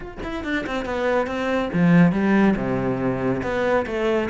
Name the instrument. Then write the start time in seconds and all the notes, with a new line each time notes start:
cello
0.00 F4
0.23 E4
0.43 D4
0.66 C4
0.85 B3
1.26 C4
1.73 F3
2.12 G3
2.56 C3
3.42 B3
3.86 A3